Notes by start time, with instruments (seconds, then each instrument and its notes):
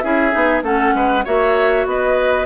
0.00 bassoon C#4, clarinet E4, oboe G#4, flute E5
0.31 bassoon B3, clarinet D#4
0.62 bassoon A3, clarinet C#4, oboe A4, flute F#5
0.94 bassoon G#3, oboe B4
1.24 bassoon A#3, clarinet F#4, oboe C#5, flute E5
1.86 bassoon B3, oboe B4, flute D#5